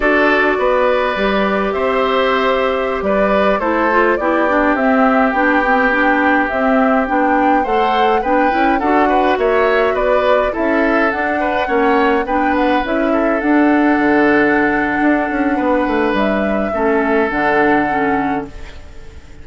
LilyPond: <<
  \new Staff \with { instrumentName = "flute" } { \time 4/4 \tempo 4 = 104 d''2. e''4~ | e''4~ e''16 d''4 c''4 d''8.~ | d''16 e''4 g''2 e''8.~ | e''16 g''4 fis''4 g''4 fis''8.~ |
fis''16 e''4 d''4 e''4 fis''8.~ | fis''4~ fis''16 g''8 fis''8 e''4 fis''8.~ | fis''1 | e''2 fis''2 | }
  \new Staff \with { instrumentName = "oboe" } { \time 4/4 a'4 b'2 c''4~ | c''4~ c''16 b'4 a'4 g'8.~ | g'1~ | g'4~ g'16 c''4 b'4 a'8 b'16~ |
b'16 cis''4 b'4 a'4. b'16~ | b'16 cis''4 b'4. a'4~ a'16~ | a'2. b'4~ | b'4 a'2. | }
  \new Staff \with { instrumentName = "clarinet" } { \time 4/4 fis'2 g'2~ | g'2~ g'16 e'8 f'8 e'8 d'16~ | d'16 c'4 d'8 c'8 d'4 c'8.~ | c'16 d'4 a'4 d'8 e'8 fis'8.~ |
fis'2~ fis'16 e'4 d'8.~ | d'16 cis'4 d'4 e'4 d'8.~ | d'1~ | d'4 cis'4 d'4 cis'4 | }
  \new Staff \with { instrumentName = "bassoon" } { \time 4/4 d'4 b4 g4 c'4~ | c'4~ c'16 g4 a4 b8.~ | b16 c'4 b2 c'8.~ | c'16 b4 a4 b8 cis'8 d'8.~ |
d'16 ais4 b4 cis'4 d'8.~ | d'16 ais4 b4 cis'4 d'8.~ | d'16 d4.~ d16 d'8 cis'8 b8 a8 | g4 a4 d2 | }
>>